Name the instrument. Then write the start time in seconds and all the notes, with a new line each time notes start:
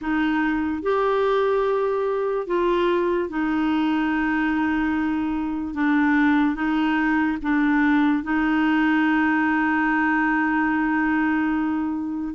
clarinet
0.01 D#4
0.82 G4
2.47 F4
3.29 D#4
5.74 D4
6.55 D#4
7.42 D4
8.23 D#4